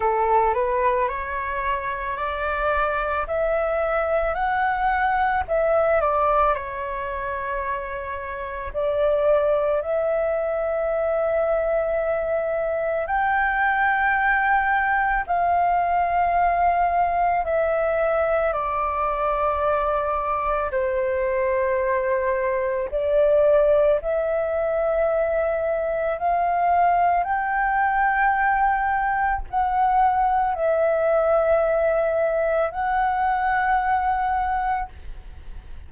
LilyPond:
\new Staff \with { instrumentName = "flute" } { \time 4/4 \tempo 4 = 55 a'8 b'8 cis''4 d''4 e''4 | fis''4 e''8 d''8 cis''2 | d''4 e''2. | g''2 f''2 |
e''4 d''2 c''4~ | c''4 d''4 e''2 | f''4 g''2 fis''4 | e''2 fis''2 | }